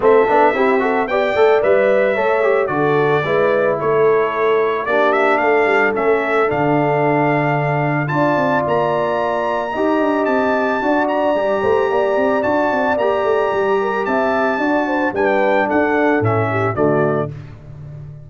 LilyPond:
<<
  \new Staff \with { instrumentName = "trumpet" } { \time 4/4 \tempo 4 = 111 e''2 g''4 e''4~ | e''4 d''2 cis''4~ | cis''4 d''8 e''8 f''4 e''4 | f''2. a''4 |
ais''2. a''4~ | a''8 ais''2~ ais''8 a''4 | ais''2 a''2 | g''4 fis''4 e''4 d''4 | }
  \new Staff \with { instrumentName = "horn" } { \time 4/4 a'4 g'8 a'8 d''2 | cis''4 a'4 b'4 a'4~ | a'4 g'4 a'2~ | a'2. d''4~ |
d''2 dis''2 | d''4. c''8 d''2~ | d''4. ais'8 e''4 d''8 c''8 | b'4 a'4. g'8 fis'4 | }
  \new Staff \with { instrumentName = "trombone" } { \time 4/4 c'8 d'8 e'8 fis'8 g'8 a'8 b'4 | a'8 g'8 fis'4 e'2~ | e'4 d'2 cis'4 | d'2. f'4~ |
f'2 g'2 | fis'4 g'2 fis'4 | g'2. fis'4 | d'2 cis'4 a4 | }
  \new Staff \with { instrumentName = "tuba" } { \time 4/4 a8 b8 c'4 b8 a8 g4 | a4 d4 gis4 a4~ | a4 ais4 a8 g8 a4 | d2. d'8 c'8 |
ais2 dis'8 d'8 c'4 | d'4 g8 a8 ais8 c'8 d'8 c'8 | ais8 a8 g4 c'4 d'4 | g4 d'4 a,4 d4 | }
>>